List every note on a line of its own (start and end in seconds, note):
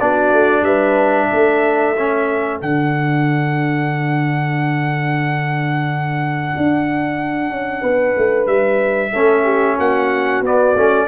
0.00 0.32 B3
0.00 1.96 D4
0.00 0.64 F#4
0.00 0.65 D5
0.32 0.62 A3
0.62 1.27 G3
0.62 1.29 B4
0.62 2.60 E5
1.29 2.62 A3
1.29 7.81 A4
1.97 2.60 C#4
2.60 6.53 D3
2.60 9.12 D4
2.60 8.47 F#5
6.57 7.49 D4
7.49 7.82 C#4
7.81 8.15 B3
7.81 9.11 B4
8.17 8.46 A3
8.46 9.12 G3
8.46 9.77 E5
9.13 9.79 A3
9.13 10.45 C#4
9.13 9.43 A4
9.43 9.76 G4
9.77 10.41 A#3
9.77 11.07 F#4
9.77 10.44 F#5
10.41 10.73 B3
10.41 10.76 B3
10.41 11.08 D5
10.75 11.08 A3
10.75 11.08 C#4